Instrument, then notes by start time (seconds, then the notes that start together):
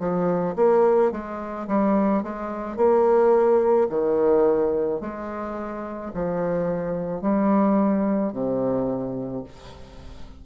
bassoon
0.00 F3
0.57 A#3
1.12 G#3
1.68 G3
2.24 G#3
2.77 A#3
3.90 D#3
5.01 G#3
6.15 F3
7.22 G3
8.33 C3